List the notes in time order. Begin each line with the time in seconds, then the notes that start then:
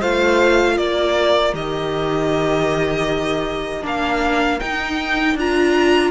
0.00 A3 F4 C5 F5
0.76 A#3 A#4 D5
1.54 D#3 G4 D#5
3.82 A#3 D4 F5
4.60 D#4 G5
5.35 D4 F4 A#5